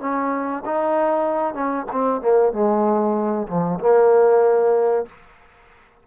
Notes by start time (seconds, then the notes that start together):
0.00 C#4
0.65 D#4
1.54 C#4
1.92 C4
2.21 A#3
2.52 G#3
3.47 F3
3.80 A#3